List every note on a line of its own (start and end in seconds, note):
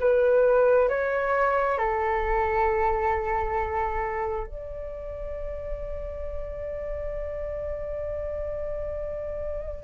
0.00 0.89 B4
0.89 1.78 C#5
1.78 4.47 A4
4.47 9.84 D5